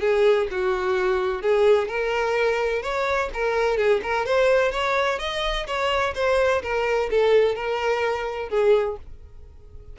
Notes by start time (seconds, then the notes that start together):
0.00 G#4
0.50 F#4
1.42 G#4
1.88 A#4
2.82 C#5
3.33 A#4
3.77 G#4
4.02 A#4
4.25 C5
4.71 C#5
5.19 D#5
5.66 C#5
6.15 C5
6.62 A#4
7.10 A4
7.55 A#4
8.49 G#4